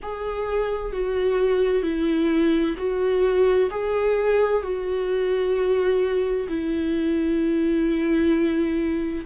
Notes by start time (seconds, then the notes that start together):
0.02 G#4
0.92 F#4
1.82 E4
2.77 F#4
3.70 G#4
4.62 F#4
6.48 E4